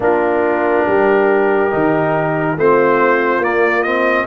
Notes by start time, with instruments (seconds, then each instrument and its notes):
0.00 tuba A#3, trombone D4, horn F4, trumpet A#4
0.85 tuba G3, horn G4
1.71 tuba D#3, trombone D#4
2.56 tuba A3, trombone C4, horn F4, trumpet C5
3.38 tuba A#3, trombone A#3, trumpet D5
3.82 trombone C4, trumpet D#5